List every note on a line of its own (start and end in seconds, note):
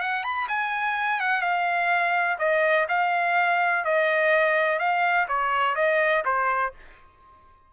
0.00 0.23 F#5
0.23 0.47 B5
0.48 1.20 G#5
1.20 1.41 F#5
1.41 2.37 F5
2.38 2.86 D#5
2.88 3.84 F5
3.84 4.79 D#5
4.79 5.27 F5
5.28 5.75 C#5
5.75 6.23 D#5
6.24 6.72 C5